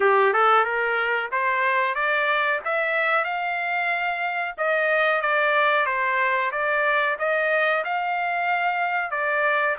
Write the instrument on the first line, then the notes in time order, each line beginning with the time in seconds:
trumpet
0.00 G4
0.33 A4
0.64 A#4
1.31 C5
1.94 D5
2.64 E5
3.24 F5
4.57 D#5
5.21 D5
5.86 C5
6.51 D5
7.18 D#5
7.84 F5
9.10 D5